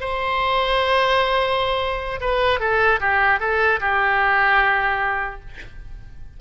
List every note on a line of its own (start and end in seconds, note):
0.00 2.20 C5
2.20 2.60 B4
2.60 3.00 A4
3.00 3.40 G4
3.40 3.80 A4
3.80 5.40 G4